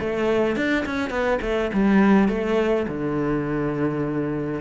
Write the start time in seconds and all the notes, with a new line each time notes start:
0.00 A3
0.56 D4
0.86 C#4
1.10 B3
1.42 A3
1.73 G3
2.29 A3
2.88 D3